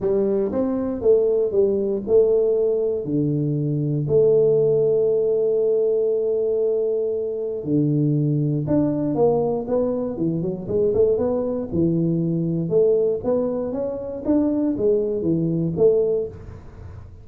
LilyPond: \new Staff \with { instrumentName = "tuba" } { \time 4/4 \tempo 4 = 118 g4 c'4 a4 g4 | a2 d2 | a1~ | a2. d4~ |
d4 d'4 ais4 b4 | e8 fis8 gis8 a8 b4 e4~ | e4 a4 b4 cis'4 | d'4 gis4 e4 a4 | }